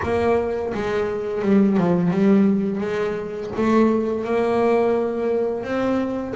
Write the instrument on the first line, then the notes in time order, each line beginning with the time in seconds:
double bass
0.02 A#3
0.73 G#3
1.41 G3
1.77 F3
2.10 G3
2.80 G#3
3.56 A3
4.24 A#3
5.63 C4